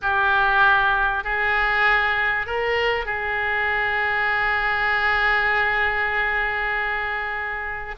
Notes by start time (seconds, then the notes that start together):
0.01 G4
1.24 G#4
2.46 A#4
3.05 G#4